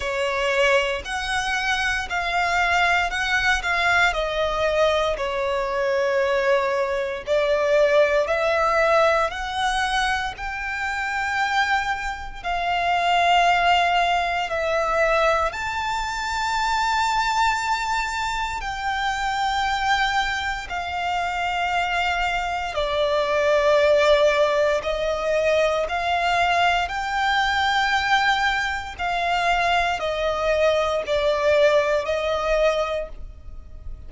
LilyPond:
\new Staff \with { instrumentName = "violin" } { \time 4/4 \tempo 4 = 58 cis''4 fis''4 f''4 fis''8 f''8 | dis''4 cis''2 d''4 | e''4 fis''4 g''2 | f''2 e''4 a''4~ |
a''2 g''2 | f''2 d''2 | dis''4 f''4 g''2 | f''4 dis''4 d''4 dis''4 | }